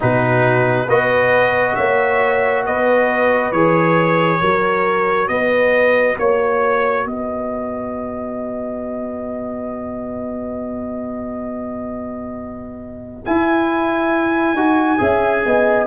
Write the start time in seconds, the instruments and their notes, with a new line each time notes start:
0.00 tuba B2, trombone D#4, horn F#4, trumpet B4
0.87 tuba B3, trombone F#4, horn B4, trumpet D#5
1.75 tuba A#3, horn C#5, trumpet E5
2.65 tuba B3, horn B4, trumpet D#5
3.51 tuba E3, trombone G#4, trumpet C#5
4.40 tuba F#3, trombone F#4, horn A#4
5.28 tuba B3, horn B4, trumpet D#5
6.19 tuba A#3, trumpet C#5, horn C#5
7.05 tuba B3, horn B4, trumpet D#5
13.25 trombone E4, tuba E4, trumpet G#5
14.54 tuba D#4, trombone F#4
14.98 tuba C#4, trombone G#4, horn E5
15.45 tuba B3, horn D#5